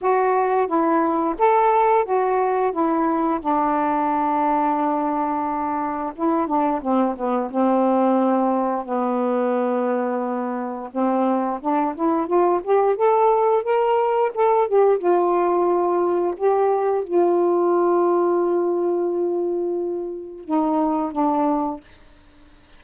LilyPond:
\new Staff \with { instrumentName = "saxophone" } { \time 4/4 \tempo 4 = 88 fis'4 e'4 a'4 fis'4 | e'4 d'2.~ | d'4 e'8 d'8 c'8 b8 c'4~ | c'4 b2. |
c'4 d'8 e'8 f'8 g'8 a'4 | ais'4 a'8 g'8 f'2 | g'4 f'2.~ | f'2 dis'4 d'4 | }